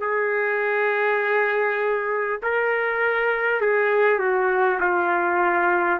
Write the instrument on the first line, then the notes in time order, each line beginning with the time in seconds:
trumpet
0.00 G#4
2.42 A#4
3.61 G#4
4.19 F#4
4.80 F4